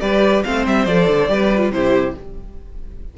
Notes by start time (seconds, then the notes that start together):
0.00 G3 G4 B4 D5
0.44 A3 C4 C5 F5
0.67 G3 E5
0.86 F3 A4 D5
1.07 D3
1.28 G3 G4 B4
1.56 F4
1.71 C3 E4 G4 C5